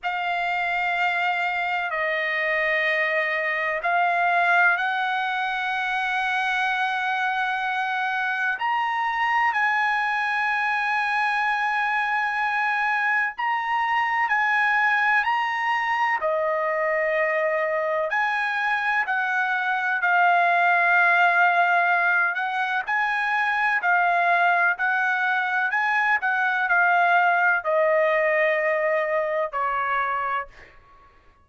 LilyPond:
\new Staff \with { instrumentName = "trumpet" } { \time 4/4 \tempo 4 = 63 f''2 dis''2 | f''4 fis''2.~ | fis''4 ais''4 gis''2~ | gis''2 ais''4 gis''4 |
ais''4 dis''2 gis''4 | fis''4 f''2~ f''8 fis''8 | gis''4 f''4 fis''4 gis''8 fis''8 | f''4 dis''2 cis''4 | }